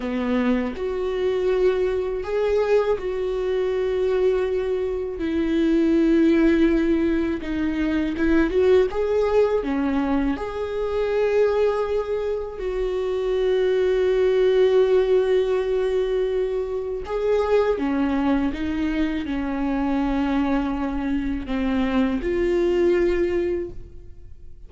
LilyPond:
\new Staff \with { instrumentName = "viola" } { \time 4/4 \tempo 4 = 81 b4 fis'2 gis'4 | fis'2. e'4~ | e'2 dis'4 e'8 fis'8 | gis'4 cis'4 gis'2~ |
gis'4 fis'2.~ | fis'2. gis'4 | cis'4 dis'4 cis'2~ | cis'4 c'4 f'2 | }